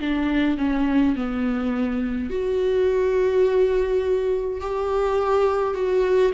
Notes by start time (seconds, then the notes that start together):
0.00 D4
0.58 C#4
1.15 B3
2.30 F#4
4.61 G4
5.74 F#4